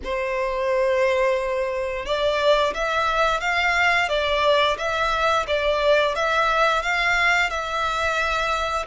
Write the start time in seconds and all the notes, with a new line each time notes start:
0.03 C5
2.05 D5
2.74 E5
3.40 F5
4.08 D5
4.77 E5
5.47 D5
6.15 E5
6.82 F5
7.49 E5